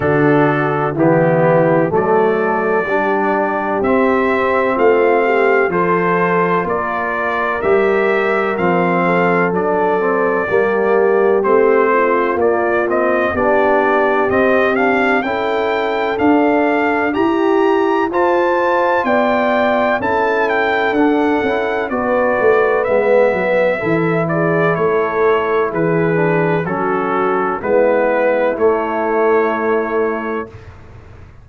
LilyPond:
<<
  \new Staff \with { instrumentName = "trumpet" } { \time 4/4 \tempo 4 = 63 a'4 g'4 d''2 | e''4 f''4 c''4 d''4 | e''4 f''4 d''2 | c''4 d''8 dis''8 d''4 dis''8 f''8 |
g''4 f''4 ais''4 a''4 | g''4 a''8 g''8 fis''4 d''4 | e''4. d''8 cis''4 b'4 | a'4 b'4 cis''2 | }
  \new Staff \with { instrumentName = "horn" } { \time 4/4 fis'4 e'4 a'4 g'4~ | g'4 f'8 g'8 a'4 ais'4~ | ais'4. a'4. g'4~ | g'8 f'4. g'2 |
a'2 g'4 c''4 | d''4 a'2 b'4~ | b'4 a'8 gis'8 a'4 gis'4 | fis'4 e'2. | }
  \new Staff \with { instrumentName = "trombone" } { \time 4/4 d'4 b4 a4 d'4 | c'2 f'2 | g'4 c'4 d'8 c'8 ais4 | c'4 ais8 c'8 d'4 c'8 d'8 |
e'4 d'4 g'4 f'4~ | f'4 e'4 d'8 e'8 fis'4 | b4 e'2~ e'8 d'8 | cis'4 b4 a2 | }
  \new Staff \with { instrumentName = "tuba" } { \time 4/4 d4 e4 fis4 g4 | c'4 a4 f4 ais4 | g4 f4 fis4 g4 | a4 ais4 b4 c'4 |
cis'4 d'4 e'4 f'4 | b4 cis'4 d'8 cis'8 b8 a8 | gis8 fis8 e4 a4 e4 | fis4 gis4 a2 | }
>>